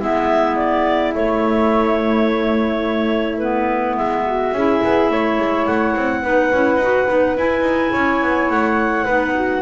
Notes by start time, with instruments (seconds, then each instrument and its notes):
0.00 double bass G#3, clarinet B3 E5, flute E4
0.56 clarinet D5
1.14 clarinet A3 C#5, double bass A3
3.38 clarinet B3 B4
3.97 double bass G#3, clarinet E5
4.26 flute F#4
4.52 double bass C#4, clarinet E4, flute G#4
4.84 double bass B3
5.11 double bass A3, flute C#5
5.38 double bass G#3
5.66 double bass A3, clarinet F#5
5.96 double bass C4
6.22 double bass B3, clarinet D#4, flute B4
6.53 double bass C#4, clarinet E4
6.77 double bass D#4, clarinet F#4
7.07 double bass B3, clarinet D#4
7.37 double bass E4, clarinet E4 G#5
7.61 double bass D#4
7.92 double bass C#4, flute C#5
8.22 double bass B3
8.50 double bass A3, clarinet F#5
9.05 double bass B3, clarinet D#4, flute B4
9.34 flute F#4